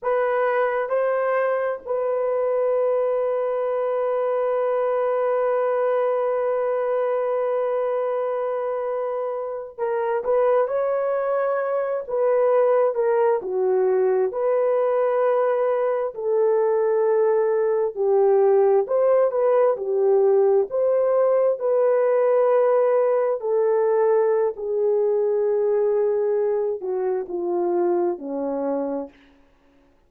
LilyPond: \new Staff \with { instrumentName = "horn" } { \time 4/4 \tempo 4 = 66 b'4 c''4 b'2~ | b'1~ | b'2~ b'8. ais'8 b'8 cis''16~ | cis''4~ cis''16 b'4 ais'8 fis'4 b'16~ |
b'4.~ b'16 a'2 g'16~ | g'8. c''8 b'8 g'4 c''4 b'16~ | b'4.~ b'16 a'4~ a'16 gis'4~ | gis'4. fis'8 f'4 cis'4 | }